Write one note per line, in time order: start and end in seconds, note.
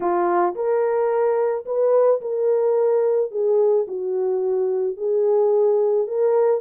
0.00 0.55 F4
0.55 1.65 A#4
1.65 2.20 B4
2.21 3.31 A#4
3.31 3.86 G#4
3.87 4.97 F#4
4.97 6.07 G#4
6.07 6.61 A#4